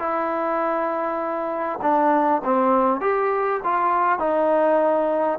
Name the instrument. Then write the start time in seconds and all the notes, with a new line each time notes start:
trombone
0.00 E4
1.82 D4
2.45 C4
3.01 G4
3.64 F4
4.20 D#4